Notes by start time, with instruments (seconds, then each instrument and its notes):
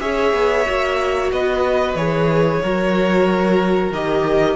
0.00 cello C#4, viola G#4, violin C#5 E5
0.33 cello B3
0.66 cello A#3, viola F#4
1.32 cello B3, violin B4 D#5
1.95 cello E3, viola G#4, violin C#5
2.62 cello F#3, viola F#4, violin A#4
3.91 cello D#3, viola G4, violin D#5